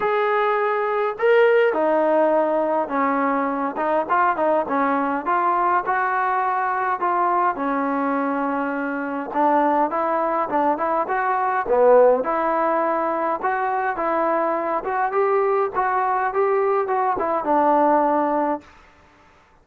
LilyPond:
\new Staff \with { instrumentName = "trombone" } { \time 4/4 \tempo 4 = 103 gis'2 ais'4 dis'4~ | dis'4 cis'4. dis'8 f'8 dis'8 | cis'4 f'4 fis'2 | f'4 cis'2. |
d'4 e'4 d'8 e'8 fis'4 | b4 e'2 fis'4 | e'4. fis'8 g'4 fis'4 | g'4 fis'8 e'8 d'2 | }